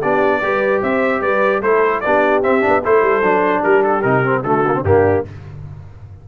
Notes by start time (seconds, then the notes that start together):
0.00 B3 D4 G4 D5
0.42 G3 G4 B4
0.82 C4 C5 E5
1.20 G3 B4 D5
1.60 A3 E4 A4 C5
2.00 B3 D4 G4 D5
2.42 C4 E5
2.61 B3 D4
2.83 A3 E4 A4 C5
3.02 G3
3.22 F#3 D4
3.61 G3 G4 A#4
3.83 A4
4.02 C3 D#4 A#4
4.24 C4
4.43 D3 A3 F#4 A4
4.67 A#3
4.74 C4
4.83 G2 A#3 D4 G4